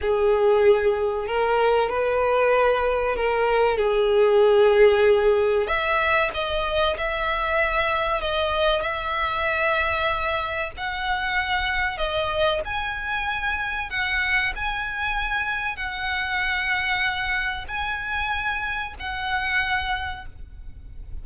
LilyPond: \new Staff \with { instrumentName = "violin" } { \time 4/4 \tempo 4 = 95 gis'2 ais'4 b'4~ | b'4 ais'4 gis'2~ | gis'4 e''4 dis''4 e''4~ | e''4 dis''4 e''2~ |
e''4 fis''2 dis''4 | gis''2 fis''4 gis''4~ | gis''4 fis''2. | gis''2 fis''2 | }